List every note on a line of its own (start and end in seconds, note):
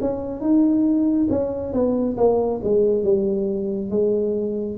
0.00 0.40 C#4
0.40 1.27 D#4
1.29 1.73 C#4
1.73 2.16 B3
2.17 2.60 A#3
2.63 3.03 G#3
3.03 3.90 G3
3.90 4.77 G#3